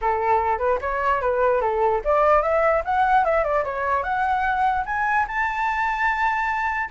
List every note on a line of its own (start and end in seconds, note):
0.01 0.58 A4
0.58 0.78 B4
0.81 1.21 C#5
1.21 1.61 B4
1.61 2.01 A4
2.04 2.42 D5
2.42 2.82 E5
2.84 3.24 F#5
3.24 3.43 E5
3.43 3.64 D5
3.64 4.03 C#5
4.03 4.84 F#5
4.85 5.26 G#5
5.27 6.89 A5